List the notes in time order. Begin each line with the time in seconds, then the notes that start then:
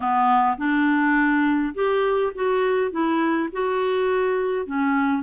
0.00 B3
0.57 D4
1.74 G4
2.34 F#4
2.91 E4
3.52 F#4
4.65 C#4